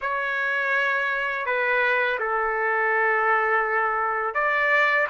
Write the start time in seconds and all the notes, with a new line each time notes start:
0.01 C#5
1.46 B4
2.19 A4
4.34 D5